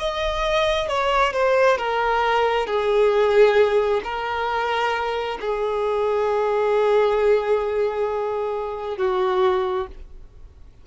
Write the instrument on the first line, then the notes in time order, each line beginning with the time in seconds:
violin
0.00 D#5
0.89 C#5
1.34 C5
1.78 A#4
2.67 G#4
4.04 A#4
5.41 G#4
8.98 F#4